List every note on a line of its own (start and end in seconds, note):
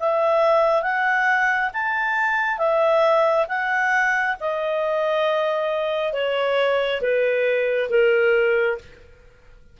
0.00 0.82 E5
0.82 1.70 F#5
1.74 2.58 A5
2.58 3.47 E5
3.48 4.36 F#5
4.40 6.13 D#5
6.13 7.01 C#5
7.01 7.90 B4
7.90 8.78 A#4